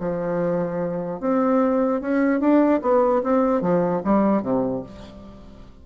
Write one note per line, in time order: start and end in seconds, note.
0.00 1.21 F3
1.21 2.01 C4
2.01 2.40 C#4
2.40 2.81 D4
2.82 3.23 B3
3.24 3.62 C4
3.62 4.02 F3
4.05 4.42 G3
4.42 4.83 C3